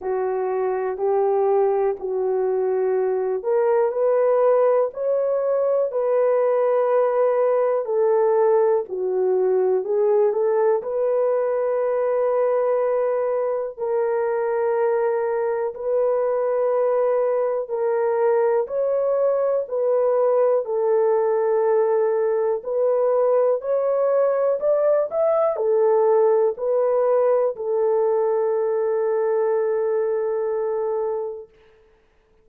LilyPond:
\new Staff \with { instrumentName = "horn" } { \time 4/4 \tempo 4 = 61 fis'4 g'4 fis'4. ais'8 | b'4 cis''4 b'2 | a'4 fis'4 gis'8 a'8 b'4~ | b'2 ais'2 |
b'2 ais'4 cis''4 | b'4 a'2 b'4 | cis''4 d''8 e''8 a'4 b'4 | a'1 | }